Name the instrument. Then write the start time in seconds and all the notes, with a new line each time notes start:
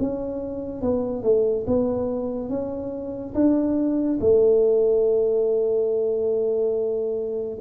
tuba
0.00 C#4
0.82 B3
1.23 A3
1.67 B3
2.49 C#4
3.35 D4
4.21 A3